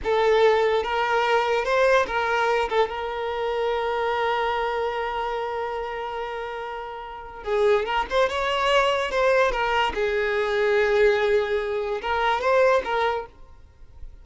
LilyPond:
\new Staff \with { instrumentName = "violin" } { \time 4/4 \tempo 4 = 145 a'2 ais'2 | c''4 ais'4. a'8 ais'4~ | ais'1~ | ais'1~ |
ais'2 gis'4 ais'8 c''8 | cis''2 c''4 ais'4 | gis'1~ | gis'4 ais'4 c''4 ais'4 | }